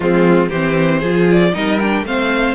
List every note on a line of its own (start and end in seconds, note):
0.00 0.48 F3
0.00 0.51 G#3
0.00 0.49 C4
0.00 0.49 F4
0.49 1.02 E3
0.49 1.02 C4
0.49 0.99 G4
0.49 1.26 C5
0.99 1.54 F3
0.99 1.53 F4
0.99 1.51 G#4
1.31 1.54 D5
1.53 2.03 G3
1.53 1.79 D#4
1.53 2.05 A#4
1.53 1.79 D#5
1.79 2.05 D4
1.79 2.05 G5
2.03 2.54 A3
2.03 2.54 C4
2.03 2.54 C5
2.03 2.54 F5